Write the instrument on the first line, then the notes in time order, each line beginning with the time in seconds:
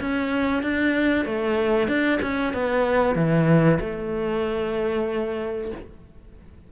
cello
0.00 C#4
0.63 D4
1.25 A3
1.87 D4
2.22 C#4
2.53 B3
3.15 E3
3.80 A3